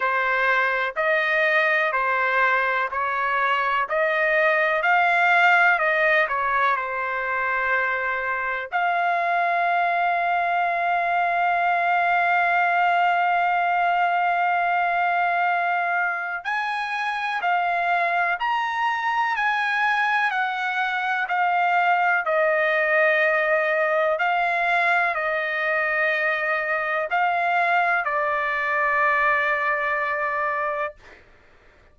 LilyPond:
\new Staff \with { instrumentName = "trumpet" } { \time 4/4 \tempo 4 = 62 c''4 dis''4 c''4 cis''4 | dis''4 f''4 dis''8 cis''8 c''4~ | c''4 f''2.~ | f''1~ |
f''4 gis''4 f''4 ais''4 | gis''4 fis''4 f''4 dis''4~ | dis''4 f''4 dis''2 | f''4 d''2. | }